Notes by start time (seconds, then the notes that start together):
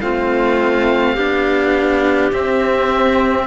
0.00 A3 C4 F4 F5
1.13 B3 D4 G4
2.32 C4 E5